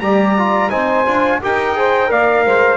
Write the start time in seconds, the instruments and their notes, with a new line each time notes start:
0.00 double bass G3, trombone G4, saxophone D5, trumpet A#5
0.39 trombone F4
0.70 double bass C4, trombone D#4, saxophone C5, trumpet G#5
1.06 double bass D4, trombone F4
1.41 double bass D#4, trombone G4, saxophone A#4, trumpet G5
1.76 trombone G#4, saxophone C5
2.08 double bass A#3, trombone A#4, saxophone D5, trumpet F5
2.45 double bass G#3, saxophone C5